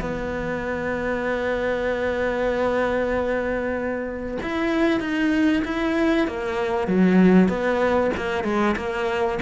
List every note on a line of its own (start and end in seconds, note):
0.00 4.38 B3
4.42 5.00 E4
5.00 5.62 D#4
5.64 6.27 E4
6.27 6.88 A#3
6.88 7.49 F#3
7.49 8.11 B3
8.16 8.44 A#3
8.44 8.75 G#3
8.76 9.38 A#3